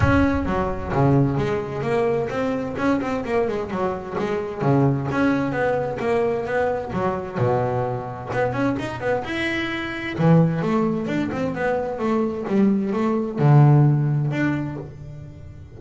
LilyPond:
\new Staff \with { instrumentName = "double bass" } { \time 4/4 \tempo 4 = 130 cis'4 fis4 cis4 gis4 | ais4 c'4 cis'8 c'8 ais8 gis8 | fis4 gis4 cis4 cis'4 | b4 ais4 b4 fis4 |
b,2 b8 cis'8 dis'8 b8 | e'2 e4 a4 | d'8 c'8 b4 a4 g4 | a4 d2 d'4 | }